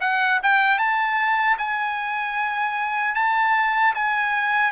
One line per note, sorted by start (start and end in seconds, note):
0.00 0.39 F#5
0.42 0.78 G5
0.78 1.57 A5
1.58 3.14 G#5
3.14 3.93 A5
3.94 4.71 G#5